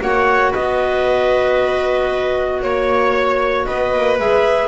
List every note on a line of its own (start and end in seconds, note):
0.00 0.53 A#3
0.00 4.17 F#4
0.00 0.51 C#5
0.00 0.53 F#5
0.51 2.63 B3
0.51 2.59 B4
0.51 2.62 D#5
2.62 3.67 A#3
2.62 3.66 C#5
3.66 3.93 B3
3.66 4.68 B4
3.66 4.18 D#5
3.93 4.19 A#3
4.19 4.68 G#3
4.19 4.68 G#4
4.19 4.68 E5